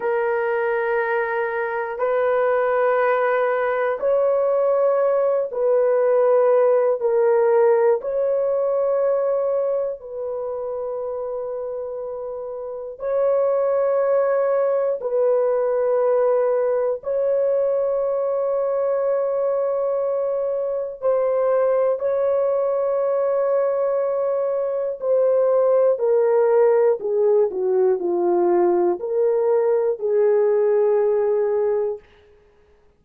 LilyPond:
\new Staff \with { instrumentName = "horn" } { \time 4/4 \tempo 4 = 60 ais'2 b'2 | cis''4. b'4. ais'4 | cis''2 b'2~ | b'4 cis''2 b'4~ |
b'4 cis''2.~ | cis''4 c''4 cis''2~ | cis''4 c''4 ais'4 gis'8 fis'8 | f'4 ais'4 gis'2 | }